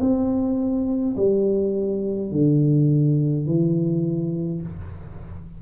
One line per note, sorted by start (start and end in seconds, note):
0.00 1.15 C4
1.16 2.31 G3
2.31 3.47 D3
3.47 4.62 E3